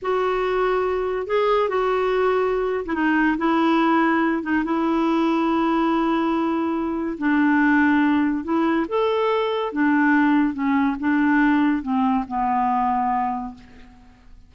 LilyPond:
\new Staff \with { instrumentName = "clarinet" } { \time 4/4 \tempo 4 = 142 fis'2. gis'4 | fis'2~ fis'8. e'16 dis'4 | e'2~ e'8 dis'8 e'4~ | e'1~ |
e'4 d'2. | e'4 a'2 d'4~ | d'4 cis'4 d'2 | c'4 b2. | }